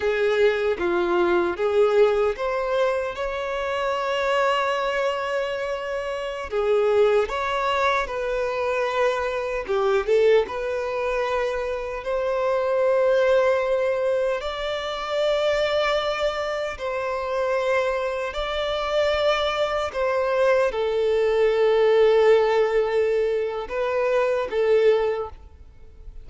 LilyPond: \new Staff \with { instrumentName = "violin" } { \time 4/4 \tempo 4 = 76 gis'4 f'4 gis'4 c''4 | cis''1~ | cis''16 gis'4 cis''4 b'4.~ b'16~ | b'16 g'8 a'8 b'2 c''8.~ |
c''2~ c''16 d''4.~ d''16~ | d''4~ d''16 c''2 d''8.~ | d''4~ d''16 c''4 a'4.~ a'16~ | a'2 b'4 a'4 | }